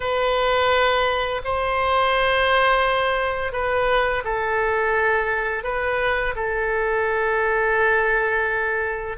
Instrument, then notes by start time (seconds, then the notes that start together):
oboe
0.00 B4
1.44 C5
3.52 B4
4.24 A4
5.63 B4
6.35 A4